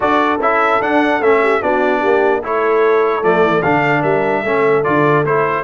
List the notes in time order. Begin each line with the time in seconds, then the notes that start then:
0.00 D4 F#4 A4 D5
0.39 C#4 E4 E5
0.80 D4 F#5
1.20 A3 C#4 E5
1.41 G4
1.61 B3 D4 F#4 D5
2.01 A#3 G4
2.43 A3 E4 A4 C#5
3.22 F3 A3 D5
3.42 E3
3.62 D3 D4 F5
4.01 G3 A#4 E5
4.43 A3 C#4 A4
4.83 D3 F4 D5
5.24 A3 E4 C5